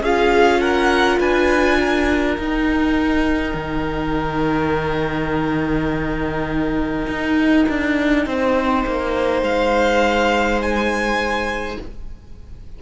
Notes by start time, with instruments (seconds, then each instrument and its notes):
0.00 cello C#4, viola F4, violin G#4 F5
0.60 violin A#4 F#5
1.19 cello D4, violin B4 G#5
1.79 violin A#4
2.38 cello D#4, viola D#4, violin G5
3.53 cello D#3
7.07 cello D#4
7.68 cello D4
8.25 cello C4, violin C5
8.86 cello A#3
9.42 cello G#3, violin F5
10.62 violin G#5